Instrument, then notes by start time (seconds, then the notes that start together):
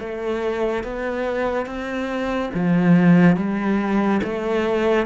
cello
0.00 A3
0.84 B3
1.66 C4
2.54 F3
3.36 G3
4.23 A3